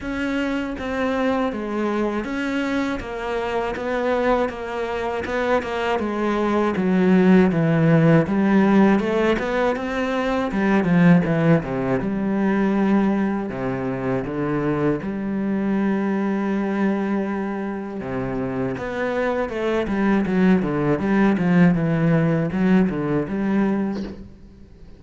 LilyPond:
\new Staff \with { instrumentName = "cello" } { \time 4/4 \tempo 4 = 80 cis'4 c'4 gis4 cis'4 | ais4 b4 ais4 b8 ais8 | gis4 fis4 e4 g4 | a8 b8 c'4 g8 f8 e8 c8 |
g2 c4 d4 | g1 | c4 b4 a8 g8 fis8 d8 | g8 f8 e4 fis8 d8 g4 | }